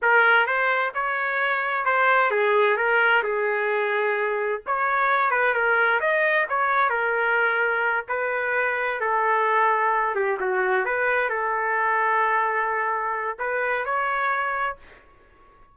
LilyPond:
\new Staff \with { instrumentName = "trumpet" } { \time 4/4 \tempo 4 = 130 ais'4 c''4 cis''2 | c''4 gis'4 ais'4 gis'4~ | gis'2 cis''4. b'8 | ais'4 dis''4 cis''4 ais'4~ |
ais'4. b'2 a'8~ | a'2 g'8 fis'4 b'8~ | b'8 a'2.~ a'8~ | a'4 b'4 cis''2 | }